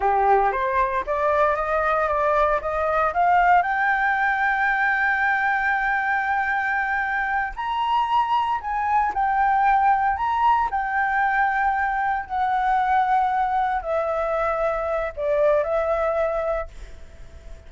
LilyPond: \new Staff \with { instrumentName = "flute" } { \time 4/4 \tempo 4 = 115 g'4 c''4 d''4 dis''4 | d''4 dis''4 f''4 g''4~ | g''1~ | g''2~ g''8 ais''4.~ |
ais''8 gis''4 g''2 ais''8~ | ais''8 g''2. fis''8~ | fis''2~ fis''8 e''4.~ | e''4 d''4 e''2 | }